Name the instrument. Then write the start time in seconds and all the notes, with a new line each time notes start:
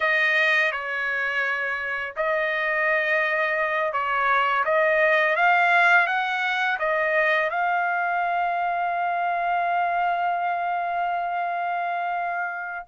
trumpet
0.00 D#5
0.71 C#5
2.16 D#5
3.92 C#5
4.64 D#5
5.36 F5
6.06 F#5
6.79 D#5
7.50 F5